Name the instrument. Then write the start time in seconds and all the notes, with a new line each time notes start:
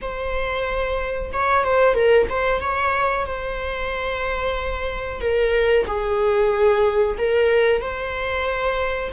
viola
0.01 C5
1.32 C#5
1.63 C5
1.94 A#4
2.29 C5
2.61 C#5
3.25 C5
5.20 A#4
5.87 G#4
7.18 A#4
7.81 C5